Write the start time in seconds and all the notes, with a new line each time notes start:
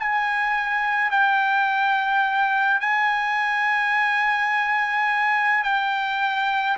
0.00 G#5
1.11 G5
2.80 G#5
5.63 G5